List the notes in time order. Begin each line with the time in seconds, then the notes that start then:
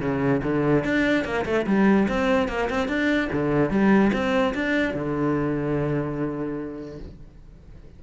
0.00 C#3
0.43 D3
0.84 D4
1.24 A#3
1.45 A3
1.66 G3
2.08 C4
2.48 A#3
2.70 C4
2.88 D4
3.33 D3
3.70 G3
4.13 C4
4.54 D4
4.94 D3